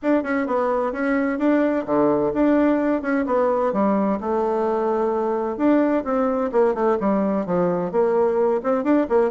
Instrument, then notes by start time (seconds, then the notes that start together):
bassoon
0.02 D4
0.23 C#4
0.46 B3
0.92 C#4
1.38 D4
1.86 D3
2.33 D4
3.01 C#4
3.26 B3
3.72 G3
4.20 A3
5.57 D4
6.04 C4
6.52 A#3
6.74 A3
6.99 G3
7.46 F3
7.91 A#3
8.63 C4
8.83 D4
9.09 A#3